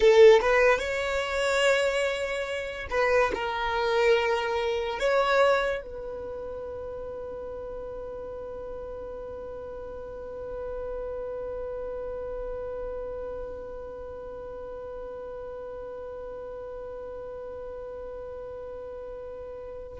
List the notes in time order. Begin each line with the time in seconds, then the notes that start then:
0.00 A4
0.41 B4
0.78 C#5
2.90 B4
3.34 A#4
4.99 C#5
5.82 B4